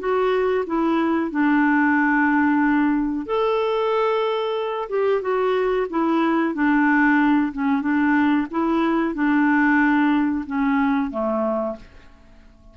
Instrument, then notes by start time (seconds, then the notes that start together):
clarinet
0.00 F#4
0.67 E4
1.31 D4
3.26 A4
4.89 G4
5.22 F#4
5.90 E4
6.55 D4
7.53 C#4
7.82 D4
8.51 E4
9.15 D4
10.47 C#4
11.11 A3